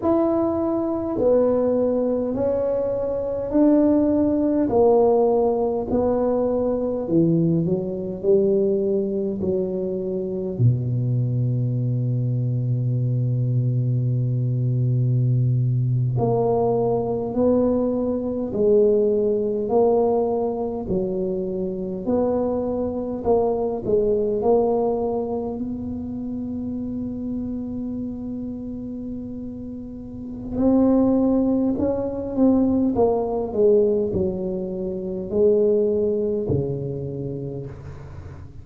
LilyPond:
\new Staff \with { instrumentName = "tuba" } { \time 4/4 \tempo 4 = 51 e'4 b4 cis'4 d'4 | ais4 b4 e8 fis8 g4 | fis4 b,2.~ | b,4.~ b,16 ais4 b4 gis16~ |
gis8. ais4 fis4 b4 ais16~ | ais16 gis8 ais4 b2~ b16~ | b2 c'4 cis'8 c'8 | ais8 gis8 fis4 gis4 cis4 | }